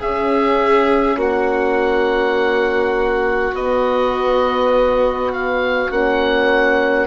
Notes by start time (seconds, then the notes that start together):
0.00 C#4 G#4 E5
1.17 A#3 F#4 F#5
3.54 B3 D#5
5.33 F5
5.89 A#3 C#4 F#5